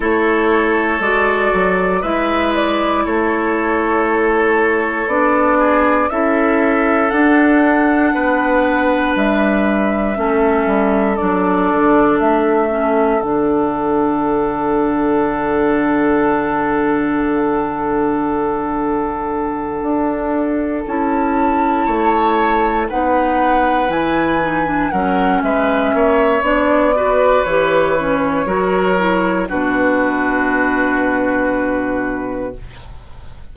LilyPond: <<
  \new Staff \with { instrumentName = "flute" } { \time 4/4 \tempo 4 = 59 cis''4 d''4 e''8 d''8 cis''4~ | cis''4 d''4 e''4 fis''4~ | fis''4 e''2 d''4 | e''4 fis''2.~ |
fis''1~ | fis''8 a''2 fis''4 gis''8~ | gis''8 fis''8 e''4 d''4 cis''4~ | cis''4 b'2. | }
  \new Staff \with { instrumentName = "oboe" } { \time 4/4 a'2 b'4 a'4~ | a'4. gis'8 a'2 | b'2 a'2~ | a'1~ |
a'1~ | a'4. cis''4 b'4.~ | b'8 ais'8 b'8 cis''4 b'4. | ais'4 fis'2. | }
  \new Staff \with { instrumentName = "clarinet" } { \time 4/4 e'4 fis'4 e'2~ | e'4 d'4 e'4 d'4~ | d'2 cis'4 d'4~ | d'8 cis'8 d'2.~ |
d'1~ | d'8 e'2 dis'4 e'8 | dis'16 d'16 cis'4. d'8 fis'8 g'8 cis'8 | fis'8 e'8 d'2. | }
  \new Staff \with { instrumentName = "bassoon" } { \time 4/4 a4 gis8 fis8 gis4 a4~ | a4 b4 cis'4 d'4 | b4 g4 a8 g8 fis8 d8 | a4 d2.~ |
d2.~ d8 d'8~ | d'8 cis'4 a4 b4 e8~ | e8 fis8 gis8 ais8 b4 e4 | fis4 b,2. | }
>>